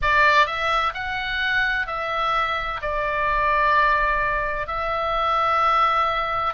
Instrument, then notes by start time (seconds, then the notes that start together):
oboe
0.02 D5
0.46 E5
0.94 F#5
1.87 E5
2.81 D5
4.67 E5